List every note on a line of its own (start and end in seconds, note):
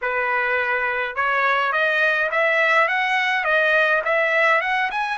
0.01 1.15 B4
1.15 1.72 C#5
1.72 2.29 D#5
2.31 2.88 E5
2.88 3.44 F#5
3.44 4.01 D#5
4.04 4.61 E5
4.61 4.90 F#5
4.90 5.18 G#5